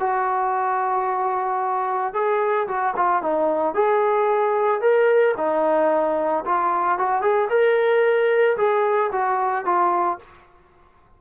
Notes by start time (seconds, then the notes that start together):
0.00 F#4
2.14 G#4
2.68 F#4
2.97 F4
3.23 D#4
3.75 G#4
4.81 A#4
5.38 D#4
6.46 F4
6.99 F#4
7.22 G#4
7.50 A#4
8.57 G#4
9.12 F#4
9.66 F4